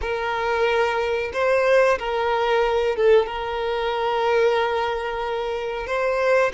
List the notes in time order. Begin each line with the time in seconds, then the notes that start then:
0.01 A#4
1.33 C5
1.99 A#4
2.96 A4
3.26 A#4
5.86 C5